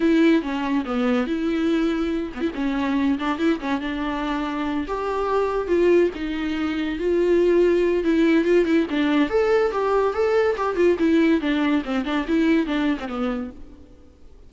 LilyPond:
\new Staff \with { instrumentName = "viola" } { \time 4/4 \tempo 4 = 142 e'4 cis'4 b4 e'4~ | e'4. b16 e'16 cis'4. d'8 | e'8 cis'8 d'2~ d'8 g'8~ | g'4. f'4 dis'4.~ |
dis'8 f'2~ f'8 e'4 | f'8 e'8 d'4 a'4 g'4 | a'4 g'8 f'8 e'4 d'4 | c'8 d'8 e'4 d'8. c'16 b4 | }